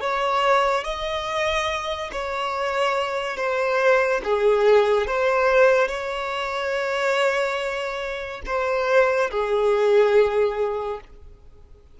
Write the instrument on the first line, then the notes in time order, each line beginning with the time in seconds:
violin
0.00 C#5
0.84 D#5
2.11 C#5
3.36 C5
4.24 G#4
5.07 C5
5.87 C#5
8.45 C5
9.30 G#4